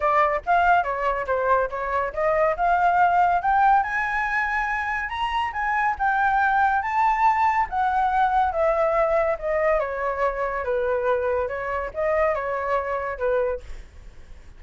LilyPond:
\new Staff \with { instrumentName = "flute" } { \time 4/4 \tempo 4 = 141 d''4 f''4 cis''4 c''4 | cis''4 dis''4 f''2 | g''4 gis''2. | ais''4 gis''4 g''2 |
a''2 fis''2 | e''2 dis''4 cis''4~ | cis''4 b'2 cis''4 | dis''4 cis''2 b'4 | }